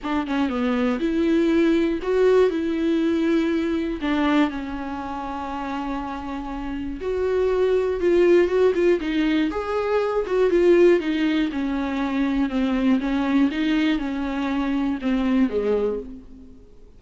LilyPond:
\new Staff \with { instrumentName = "viola" } { \time 4/4 \tempo 4 = 120 d'8 cis'8 b4 e'2 | fis'4 e'2. | d'4 cis'2.~ | cis'2 fis'2 |
f'4 fis'8 f'8 dis'4 gis'4~ | gis'8 fis'8 f'4 dis'4 cis'4~ | cis'4 c'4 cis'4 dis'4 | cis'2 c'4 gis4 | }